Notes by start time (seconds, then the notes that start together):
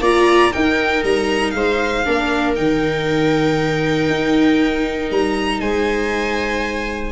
0.00 A#3 F4 D5 A#5
0.51 D#4 A#4 G5
1.04 G3 A#5
1.51 G#3 C5 F5
2.05 A#3 D4 A#4
2.56 D#3 D#4 G5
4.09 D#4
5.11 G3 A#5
5.60 G#3 C5 G#5